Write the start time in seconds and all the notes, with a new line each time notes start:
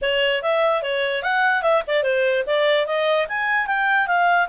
0.01 C#5
0.42 E5
0.82 C#5
1.22 F#5
1.62 E5
1.87 D5
2.03 C5
2.46 D5
2.86 D#5
3.28 G#5
3.66 G5
4.07 F5